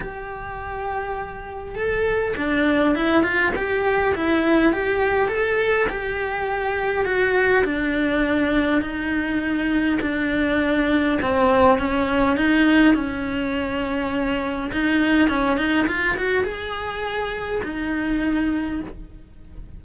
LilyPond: \new Staff \with { instrumentName = "cello" } { \time 4/4 \tempo 4 = 102 g'2. a'4 | d'4 e'8 f'8 g'4 e'4 | g'4 a'4 g'2 | fis'4 d'2 dis'4~ |
dis'4 d'2 c'4 | cis'4 dis'4 cis'2~ | cis'4 dis'4 cis'8 dis'8 f'8 fis'8 | gis'2 dis'2 | }